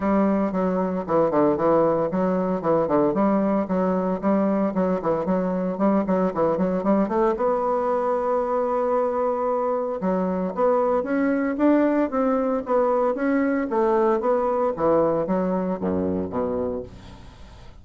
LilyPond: \new Staff \with { instrumentName = "bassoon" } { \time 4/4 \tempo 4 = 114 g4 fis4 e8 d8 e4 | fis4 e8 d8 g4 fis4 | g4 fis8 e8 fis4 g8 fis8 | e8 fis8 g8 a8 b2~ |
b2. fis4 | b4 cis'4 d'4 c'4 | b4 cis'4 a4 b4 | e4 fis4 fis,4 b,4 | }